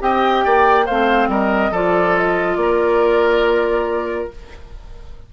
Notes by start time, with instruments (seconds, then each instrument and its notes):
0.00 bassoon C4, clarinet G4, oboe D#5, flute G5
0.45 bassoon A#3, oboe D5
0.86 bassoon A3, clarinet C4, oboe C5, flute F5
1.28 bassoon G3, oboe A#4, flute D#5
1.71 bassoon F3, clarinet F4, oboe A4, flute D5
2.18 flute D#5
2.57 bassoon A#3, oboe A#4, flute D5